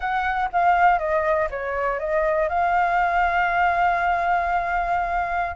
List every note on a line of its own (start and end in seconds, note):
0.00 0.49 F#5
0.52 0.98 F5
0.98 1.48 D#5
1.50 1.99 C#5
1.99 2.48 D#5
2.48 5.56 F5